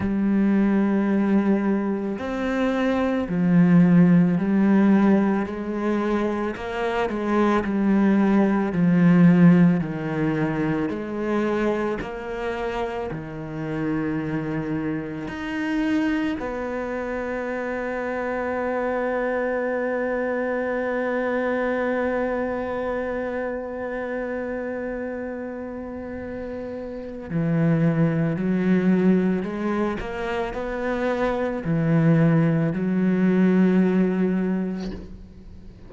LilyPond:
\new Staff \with { instrumentName = "cello" } { \time 4/4 \tempo 4 = 55 g2 c'4 f4 | g4 gis4 ais8 gis8 g4 | f4 dis4 gis4 ais4 | dis2 dis'4 b4~ |
b1~ | b1~ | b4 e4 fis4 gis8 ais8 | b4 e4 fis2 | }